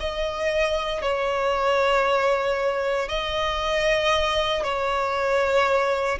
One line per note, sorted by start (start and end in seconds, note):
0.00 1.02 D#5
1.02 3.09 C#5
3.09 4.64 D#5
4.64 6.19 C#5